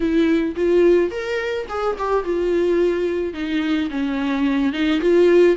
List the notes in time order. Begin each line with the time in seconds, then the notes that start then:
0.00 E4
0.55 F4
1.11 A#4
1.68 G#4
1.98 G4
2.24 F4
3.33 D#4
3.90 C#4
4.72 D#4
5.00 F4